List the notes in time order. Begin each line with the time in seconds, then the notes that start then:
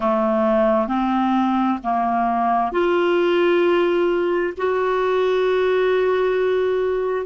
0.00 A3
0.87 C4
1.83 A#3
2.71 F4
4.57 F#4